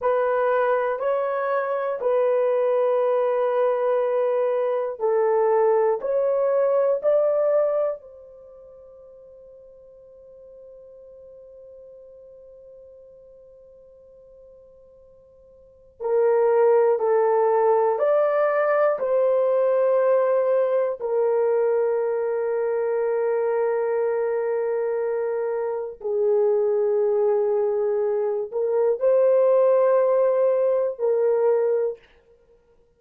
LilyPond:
\new Staff \with { instrumentName = "horn" } { \time 4/4 \tempo 4 = 60 b'4 cis''4 b'2~ | b'4 a'4 cis''4 d''4 | c''1~ | c''1 |
ais'4 a'4 d''4 c''4~ | c''4 ais'2.~ | ais'2 gis'2~ | gis'8 ais'8 c''2 ais'4 | }